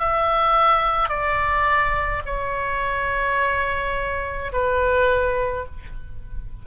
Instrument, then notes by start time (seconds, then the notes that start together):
oboe
0.00 E5
1.09 D5
2.26 C#5
4.53 B4